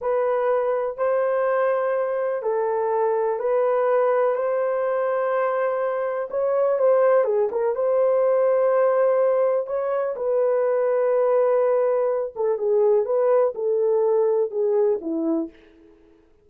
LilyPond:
\new Staff \with { instrumentName = "horn" } { \time 4/4 \tempo 4 = 124 b'2 c''2~ | c''4 a'2 b'4~ | b'4 c''2.~ | c''4 cis''4 c''4 gis'8 ais'8 |
c''1 | cis''4 b'2.~ | b'4. a'8 gis'4 b'4 | a'2 gis'4 e'4 | }